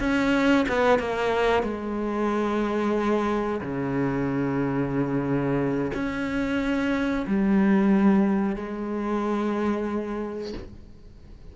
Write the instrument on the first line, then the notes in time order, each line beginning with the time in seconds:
cello
0.00 C#4
0.69 B3
0.99 A#3
1.63 G#3
3.61 C#3
5.94 C#4
7.27 G3
8.56 G#3